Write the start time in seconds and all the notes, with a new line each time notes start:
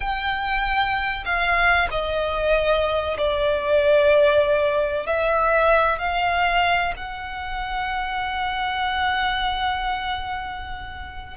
0.00 G5
1.25 F5
1.90 D#5
3.17 D5
5.06 E5
5.99 F5
6.96 F#5